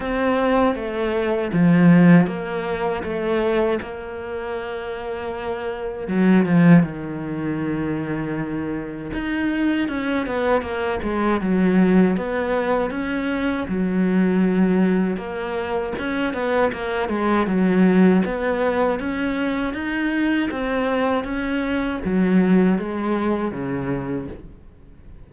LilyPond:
\new Staff \with { instrumentName = "cello" } { \time 4/4 \tempo 4 = 79 c'4 a4 f4 ais4 | a4 ais2. | fis8 f8 dis2. | dis'4 cis'8 b8 ais8 gis8 fis4 |
b4 cis'4 fis2 | ais4 cis'8 b8 ais8 gis8 fis4 | b4 cis'4 dis'4 c'4 | cis'4 fis4 gis4 cis4 | }